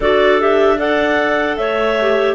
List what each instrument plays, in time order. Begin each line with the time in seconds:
0.00 cello D4, clarinet F#4 A4 D5
0.39 clarinet G4 E5
0.77 clarinet A4 D5 F#5
1.57 cello A3, clarinet C#5 E5
2.00 clarinet G4